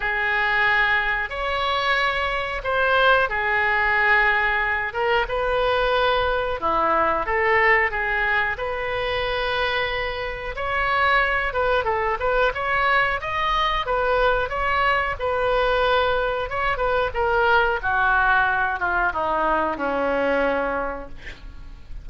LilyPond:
\new Staff \with { instrumentName = "oboe" } { \time 4/4 \tempo 4 = 91 gis'2 cis''2 | c''4 gis'2~ gis'8 ais'8 | b'2 e'4 a'4 | gis'4 b'2. |
cis''4. b'8 a'8 b'8 cis''4 | dis''4 b'4 cis''4 b'4~ | b'4 cis''8 b'8 ais'4 fis'4~ | fis'8 f'8 dis'4 cis'2 | }